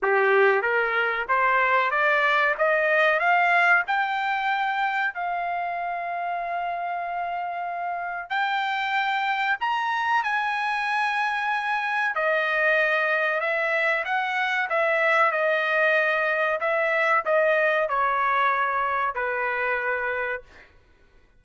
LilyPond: \new Staff \with { instrumentName = "trumpet" } { \time 4/4 \tempo 4 = 94 g'4 ais'4 c''4 d''4 | dis''4 f''4 g''2 | f''1~ | f''4 g''2 ais''4 |
gis''2. dis''4~ | dis''4 e''4 fis''4 e''4 | dis''2 e''4 dis''4 | cis''2 b'2 | }